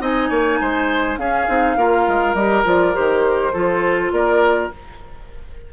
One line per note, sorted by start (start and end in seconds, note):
0.00 0.29 C4
0.00 1.18 D#4
0.00 0.29 D#5
0.00 1.17 G#5
0.29 0.59 A#3
0.29 0.58 C#5
0.60 1.17 G#3
0.60 1.19 C5
1.17 1.47 C#4
1.17 1.48 C#4
1.17 1.77 G#4
1.17 2.34 F5
1.48 1.76 C4
1.48 1.77 D#4
1.76 2.06 A#3
1.76 2.36 F4
1.76 3.53 A#4
2.07 2.34 G#3
2.34 2.63 G3
2.34 2.64 G4
2.34 2.64 D#5
2.64 2.94 F3
2.64 2.93 F4
2.64 2.95 D5
2.93 3.54 D#3
2.93 3.52 G4
2.93 4.12 C5
3.53 4.11 F3
3.53 4.71 F4
3.53 4.11 A4
4.11 4.70 A#3
4.11 4.73 A#4
4.11 4.71 D5